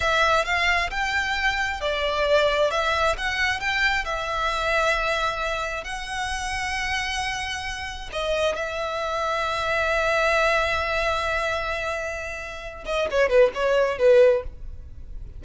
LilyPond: \new Staff \with { instrumentName = "violin" } { \time 4/4 \tempo 4 = 133 e''4 f''4 g''2 | d''2 e''4 fis''4 | g''4 e''2.~ | e''4 fis''2.~ |
fis''2 dis''4 e''4~ | e''1~ | e''1~ | e''8 dis''8 cis''8 b'8 cis''4 b'4 | }